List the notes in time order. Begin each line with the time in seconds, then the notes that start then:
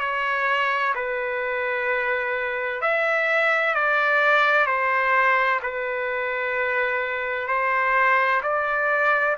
0.00 C#5
0.95 B4
2.81 E5
3.75 D5
4.66 C5
5.62 B4
7.47 C5
8.42 D5